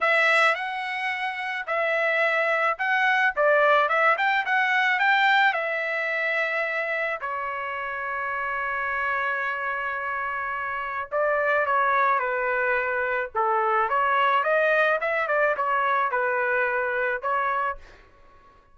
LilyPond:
\new Staff \with { instrumentName = "trumpet" } { \time 4/4 \tempo 4 = 108 e''4 fis''2 e''4~ | e''4 fis''4 d''4 e''8 g''8 | fis''4 g''4 e''2~ | e''4 cis''2.~ |
cis''1 | d''4 cis''4 b'2 | a'4 cis''4 dis''4 e''8 d''8 | cis''4 b'2 cis''4 | }